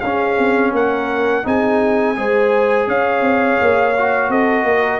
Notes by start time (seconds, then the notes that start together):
0.00 C#4 G#4 F5
0.39 C4
0.72 A#3 A#4 F#5
1.44 C4 D#4 G#4 G#5
2.16 G#3 G#4 C5
2.87 C#4 C#5 F5
3.21 C4
3.61 A#3
3.98 F#4
4.29 C4 A4 D#5
4.64 A#3 A#4